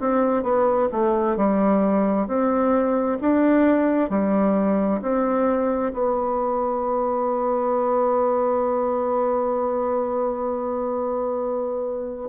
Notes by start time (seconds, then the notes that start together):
0.00 C4
0.43 B3
0.92 A3
1.36 G3
2.27 C4
3.21 D4
4.10 G3
5.02 C4
5.93 B3